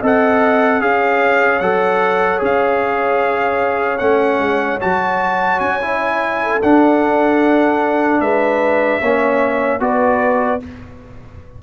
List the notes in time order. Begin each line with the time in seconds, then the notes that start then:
0.00 C4 A4 D#5
0.07 F#5
0.81 C#4 G#4 C#5 F5
1.60 F#3 A4 F#5
2.39 C#4 G#4
2.45 F5
3.99 A3 C#4 F#5
4.40 G#3
4.81 F#3 F#4 A5
5.60 C#4 G#5
5.82 E4
6.43 A4
6.62 D4 F#5
8.21 G#3 B4 E5
9.01 A#3 C#4 C#5
9.80 B3 F#4 B4 D5